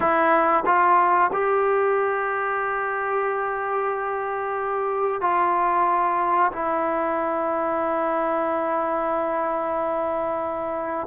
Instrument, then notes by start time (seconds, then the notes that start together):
trombone
0.00 E4
0.65 F4
1.32 G4
5.21 F4
6.52 E4